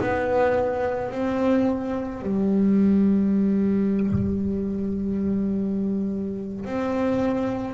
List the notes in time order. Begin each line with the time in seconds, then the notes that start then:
0.00 B3
1.11 C4
2.22 G3
6.65 C4